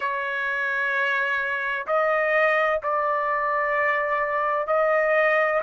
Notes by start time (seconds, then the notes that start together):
0.00 C#5
1.86 D#5
2.82 D5
4.67 D#5